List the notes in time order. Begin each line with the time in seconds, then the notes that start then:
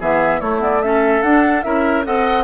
0.00 E3 B3 G#4 E5
0.40 A3 E4 C#5
0.60 B3 D5
0.82 C#4 A4 E5
1.22 D4 F#5
1.62 C#4 E4 A#4 E5
2.04 C4 A4 D#5 F#5